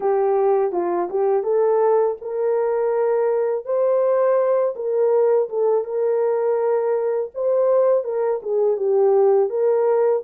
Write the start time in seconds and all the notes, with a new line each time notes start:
0.00 G4
0.72 F4
1.10 G4
1.43 A4
2.21 A#4
3.65 C5
4.75 A#4
5.49 A4
5.84 A#4
7.34 C5
8.04 A#4
8.42 G#4
8.76 G4
9.50 A#4